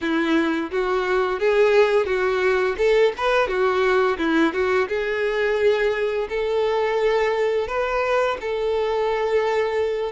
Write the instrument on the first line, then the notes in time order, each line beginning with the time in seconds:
violin
0.01 E4
0.71 F#4
1.40 G#4
2.06 F#4
2.77 A4
3.17 B4
3.48 F#4
4.18 E4
4.53 F#4
4.88 G#4
6.29 A4
7.67 B4
8.40 A4